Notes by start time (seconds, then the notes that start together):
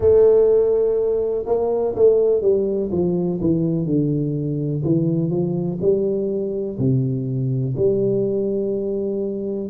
0.00 A3
1.46 A#3
1.95 A3
2.41 G3
2.91 F3
3.40 E3
3.85 D3
4.83 E3
5.30 F3
5.81 G3
6.78 C3
7.76 G3